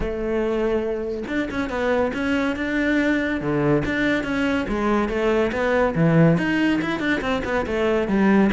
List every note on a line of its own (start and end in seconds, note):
0.00 1.24 A3
1.27 1.48 D4
1.50 1.69 C#4
1.69 2.12 B3
2.13 2.56 C#4
2.56 3.40 D4
3.40 3.83 D3
3.85 4.23 D4
4.23 4.66 C#4
4.68 5.08 G#3
5.08 5.51 A3
5.52 5.94 B3
5.95 6.37 E3
6.37 6.80 D#4
6.81 6.99 E4
6.99 7.21 D4
7.21 7.42 C4
7.44 7.65 B3
7.66 8.08 A3
8.08 8.50 G3